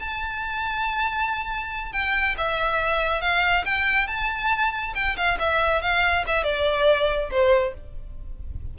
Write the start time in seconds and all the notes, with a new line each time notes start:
0.00 A5
1.92 G5
2.38 E5
3.22 F5
3.66 G5
4.07 A5
4.95 G5
5.17 F5
5.39 E5
5.82 F5
6.27 E5
6.44 D5
7.31 C5